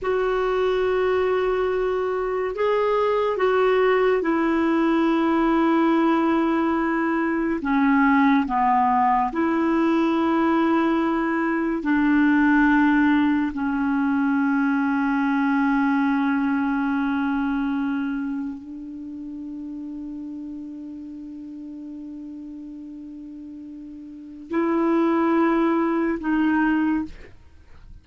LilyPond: \new Staff \with { instrumentName = "clarinet" } { \time 4/4 \tempo 4 = 71 fis'2. gis'4 | fis'4 e'2.~ | e'4 cis'4 b4 e'4~ | e'2 d'2 |
cis'1~ | cis'2 d'2~ | d'1~ | d'4 e'2 dis'4 | }